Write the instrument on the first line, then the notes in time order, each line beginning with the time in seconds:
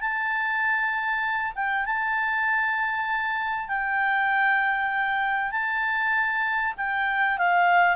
clarinet
0.00 A5
1.55 G5
1.85 A5
3.68 G5
5.51 A5
6.77 G5
7.38 F5